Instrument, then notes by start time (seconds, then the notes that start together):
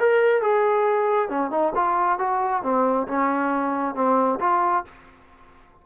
trombone
0.00 A#4
0.42 G#4
1.29 C#4
1.51 D#4
1.76 F4
2.19 F#4
2.63 C4
3.08 C#4
3.95 C4
4.40 F4